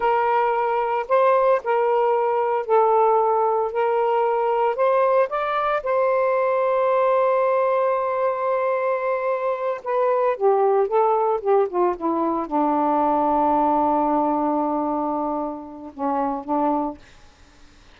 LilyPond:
\new Staff \with { instrumentName = "saxophone" } { \time 4/4 \tempo 4 = 113 ais'2 c''4 ais'4~ | ais'4 a'2 ais'4~ | ais'4 c''4 d''4 c''4~ | c''1~ |
c''2~ c''8 b'4 g'8~ | g'8 a'4 g'8 f'8 e'4 d'8~ | d'1~ | d'2 cis'4 d'4 | }